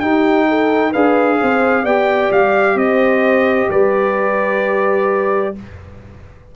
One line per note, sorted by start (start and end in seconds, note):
0.00 0.94 D#4
0.00 0.48 G4
0.00 0.92 G5
0.49 0.91 A4
0.91 1.41 D4
0.91 1.86 G#4
0.91 1.37 B4
0.91 1.85 F5
1.40 1.84 C4
1.40 1.83 C5
1.83 2.31 B3
1.83 5.56 G4
1.83 2.76 D5
1.83 2.32 G5
2.32 2.75 G3
2.32 2.78 F5
2.75 3.67 C4
2.75 3.70 C5
2.75 3.70 D#5
3.70 5.55 G3
3.70 5.55 B4
3.70 5.55 D5